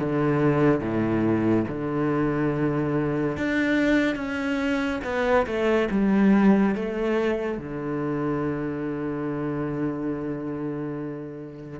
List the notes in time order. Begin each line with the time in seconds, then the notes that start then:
0.00 D3
0.80 A2
1.68 D3
3.37 D4
4.16 C#4
5.04 B3
5.47 A3
5.91 G3
6.76 A3
7.58 D3